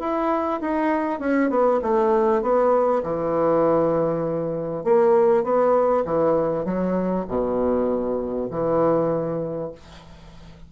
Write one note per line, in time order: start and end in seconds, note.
0.00 0.61 E4
0.61 1.20 D#4
1.20 1.50 C#4
1.50 1.81 B3
1.82 2.42 A3
2.42 3.03 B3
3.04 4.84 E3
4.84 5.44 A#3
5.44 6.04 B3
6.06 6.65 E3
6.65 7.26 F#3
7.28 8.50 B2
8.51 9.72 E3